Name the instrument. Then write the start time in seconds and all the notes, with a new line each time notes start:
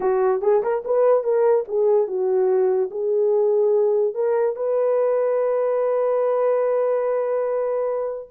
horn
0.00 F#4
0.41 G#4
0.62 A#4
0.84 B4
1.23 A#4
1.68 G#4
2.07 F#4
2.90 G#4
4.14 A#4
4.56 B4